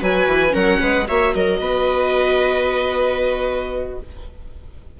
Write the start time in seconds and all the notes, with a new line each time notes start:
0.00 F#3 F#4 B4 G#5
0.26 E3
0.50 F#3 C#4 A#4 F#5
0.80 G#3 B4
1.07 A#3 F#4 C#5 E5
1.34 F#3 A#4 D#5
1.59 B3 B4